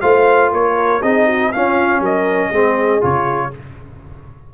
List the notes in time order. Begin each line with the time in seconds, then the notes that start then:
0.00 A3 F4 C5 F5
0.52 A#3 A#4 C#5
1.02 C4 D#4 G#4 D#5
1.26 F#4
1.52 C#4 F4 F5
2.00 F#3 A#4 D#5
2.49 G#3 C4 G#4
3.01 C#3 F4 C#5